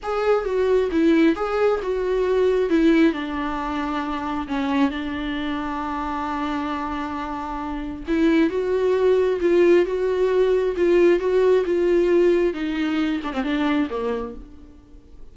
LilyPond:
\new Staff \with { instrumentName = "viola" } { \time 4/4 \tempo 4 = 134 gis'4 fis'4 e'4 gis'4 | fis'2 e'4 d'4~ | d'2 cis'4 d'4~ | d'1~ |
d'2 e'4 fis'4~ | fis'4 f'4 fis'2 | f'4 fis'4 f'2 | dis'4. d'16 c'16 d'4 ais4 | }